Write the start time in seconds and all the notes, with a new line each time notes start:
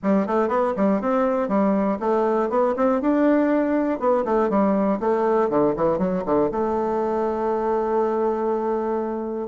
0.02 G3
0.26 A3
0.48 B3
0.76 G3
1.01 C4
1.48 G3
1.99 A3
2.49 B3
2.76 C4
3.01 D4
3.99 B3
4.25 A3
4.49 G3
5.00 A3
5.49 D3
5.76 E3
5.98 F#3
6.25 D3
6.51 A3